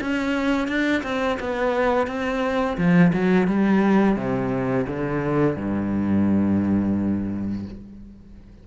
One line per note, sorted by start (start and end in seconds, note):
0.00 0.68 C#4
0.68 1.02 D4
1.03 1.38 C4
1.40 2.07 B3
2.07 2.77 C4
2.77 3.12 F3
3.13 3.47 F#3
3.47 4.16 G3
4.16 4.86 C3
4.86 5.56 D3
5.56 7.65 G2